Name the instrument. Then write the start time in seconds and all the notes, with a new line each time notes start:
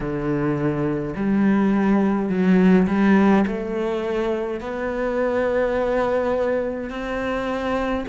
cello
0.00 D3
1.15 G3
2.29 F#3
2.87 G3
3.47 A3
4.60 B3
6.89 C4